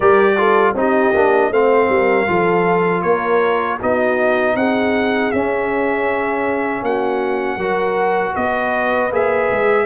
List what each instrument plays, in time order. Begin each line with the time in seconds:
0.00 tuba G3, trombone G4, horn A#4, trumpet D5
0.37 trombone F4, horn A4
0.74 tuba C4, trombone D#4, horn G4, trumpet D#5
1.13 tuba A#3, trombone D4
1.50 tuba A3, trombone C4, horn C5, trumpet F5
1.89 tuba G3, horn A#4
2.27 tuba F3, trombone F4, horn A4
3.02 tuba A#3, horn A#4, trumpet C#5
3.79 tuba B3, trombone D#4, horn F#4, trumpet D#5
4.55 tuba C4, horn G#4, trumpet F#5
5.31 tuba C#4, trombone C#4, trumpet E5
6.82 tuba A#3, horn F#4, trumpet F#5
7.56 tuba F#3, trombone F#4, horn A#4
8.34 tuba B3, horn B4, trumpet D#5
9.11 tuba A#3, trombone G#4, trumpet E5
9.50 tuba G#3